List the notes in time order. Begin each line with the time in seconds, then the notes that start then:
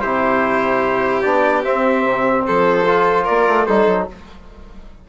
0.00 C3 E4 G4 C5
1.21 B3 D4 D5
1.63 C4 E5
2.04 C3
2.46 F3 A4 C5
2.86 F4
3.24 A#3 A#4 D5
3.47 A3
3.66 G3 D#4 A4 C5
3.87 F#3